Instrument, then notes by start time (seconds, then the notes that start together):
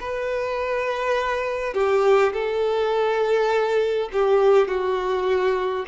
violin
0.00 B4
1.74 G4
2.33 A4
4.13 G4
4.68 F#4